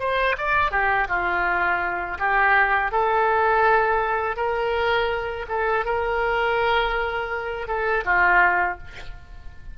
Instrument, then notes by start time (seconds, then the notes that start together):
oboe
0.00 C5
0.38 D5
0.72 G4
1.09 F4
2.19 G4
2.92 A4
4.37 A#4
5.49 A4
5.86 A#4
7.68 A4
8.06 F4